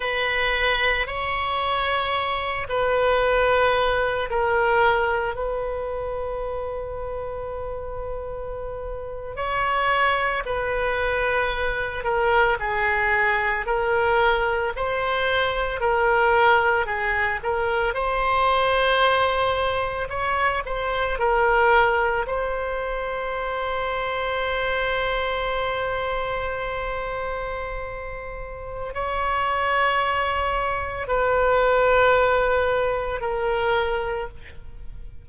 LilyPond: \new Staff \with { instrumentName = "oboe" } { \time 4/4 \tempo 4 = 56 b'4 cis''4. b'4. | ais'4 b'2.~ | b'8. cis''4 b'4. ais'8 gis'16~ | gis'8. ais'4 c''4 ais'4 gis'16~ |
gis'16 ais'8 c''2 cis''8 c''8 ais'16~ | ais'8. c''2.~ c''16~ | c''2. cis''4~ | cis''4 b'2 ais'4 | }